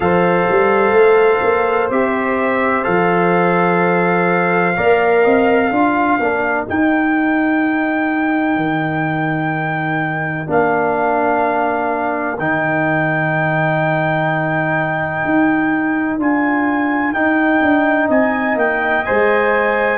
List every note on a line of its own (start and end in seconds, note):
0.00 0.47 F3
0.00 1.90 A4
0.00 4.76 C5
0.00 1.90 F5
0.51 0.91 G3
0.91 1.39 A3
1.42 1.89 A#3
1.89 2.85 C4
1.89 2.83 G4
1.89 2.84 E5
2.83 4.77 F3
2.83 4.74 A4
2.83 6.64 F5
4.76 5.25 A#3
4.76 5.71 A#4
4.76 5.24 D5
5.24 5.71 C4
5.24 5.70 D#5
5.70 6.18 D4
5.70 6.19 F4
5.70 18.08 A#4
6.19 6.67 A#3
6.19 6.66 D4
6.66 10.46 D#4
6.66 8.56 D#4
6.66 10.49 G5
8.56 10.46 D#3
10.46 12.38 A#3
10.46 12.37 D4
10.46 12.38 F5
12.38 15.24 D#3
12.38 16.19 D#4
12.38 16.19 G5
15.24 16.18 D#4
16.18 17.12 D4
16.18 17.14 F4
16.18 17.13 G#5
17.12 17.60 D#4
17.12 19.05 D#4
17.12 18.08 G5
17.62 18.09 D4
18.08 18.56 C4
18.08 19.98 D#5
18.08 18.57 G#5
18.56 19.03 A#3
18.56 19.04 G5
19.04 19.98 G#3
19.04 19.98 C5
19.04 19.98 G#5